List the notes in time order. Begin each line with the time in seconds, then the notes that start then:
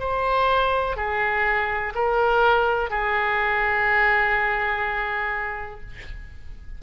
0.00 C5
0.97 G#4
1.95 A#4
2.90 G#4